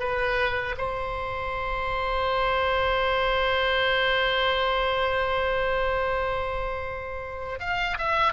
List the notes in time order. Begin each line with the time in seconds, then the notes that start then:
0.00 B4
0.78 C5
7.60 F5
7.98 E5